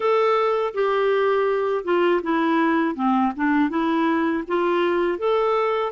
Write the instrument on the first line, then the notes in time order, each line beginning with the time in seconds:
clarinet
0.00 A4
0.74 G4
1.84 F4
2.22 E4
2.95 C4
3.35 D4
3.69 E4
4.47 F4
5.18 A4